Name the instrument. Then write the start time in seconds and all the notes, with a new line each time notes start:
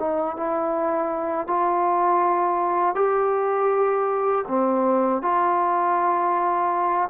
trombone
0.00 D#4
0.37 E4
1.48 F4
2.96 G4
4.48 C4
5.22 F4